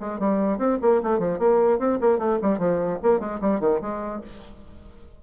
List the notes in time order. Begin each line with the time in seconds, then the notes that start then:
0.00 G#3
0.19 G3
0.58 C4
0.82 A#3
1.03 A3
1.19 F3
1.39 A#3
1.79 C4
2.01 A#3
2.18 A3
2.42 G3
2.59 F3
3.03 A#3
3.20 G#3
3.41 G3
3.60 D#3
3.81 G#3